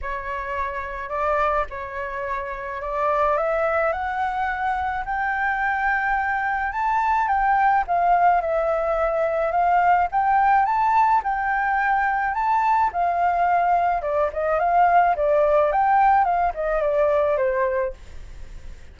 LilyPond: \new Staff \with { instrumentName = "flute" } { \time 4/4 \tempo 4 = 107 cis''2 d''4 cis''4~ | cis''4 d''4 e''4 fis''4~ | fis''4 g''2. | a''4 g''4 f''4 e''4~ |
e''4 f''4 g''4 a''4 | g''2 a''4 f''4~ | f''4 d''8 dis''8 f''4 d''4 | g''4 f''8 dis''8 d''4 c''4 | }